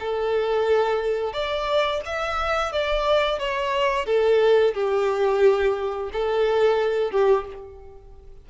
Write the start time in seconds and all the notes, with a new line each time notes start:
0.00 A4
1.33 D5
2.05 E5
2.72 D5
3.39 C#5
4.06 A4
4.75 G4
6.13 A4
7.12 G4